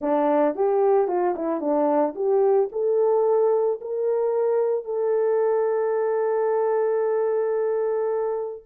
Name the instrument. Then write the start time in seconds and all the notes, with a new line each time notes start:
horn
0.01 D4
0.55 G4
1.07 F4
1.35 E4
1.60 D4
2.15 G4
2.72 A4
3.80 A#4
4.84 A4